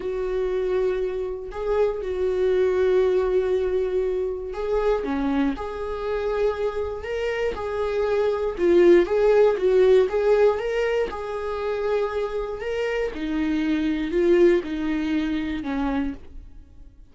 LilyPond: \new Staff \with { instrumentName = "viola" } { \time 4/4 \tempo 4 = 119 fis'2. gis'4 | fis'1~ | fis'4 gis'4 cis'4 gis'4~ | gis'2 ais'4 gis'4~ |
gis'4 f'4 gis'4 fis'4 | gis'4 ais'4 gis'2~ | gis'4 ais'4 dis'2 | f'4 dis'2 cis'4 | }